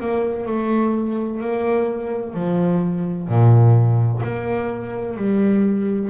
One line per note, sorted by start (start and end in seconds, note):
0.00 0.46 A#3
0.46 1.40 A3
1.41 2.34 A#3
2.34 3.28 F3
3.28 4.22 A#2
4.23 5.16 A#3
5.16 6.10 G3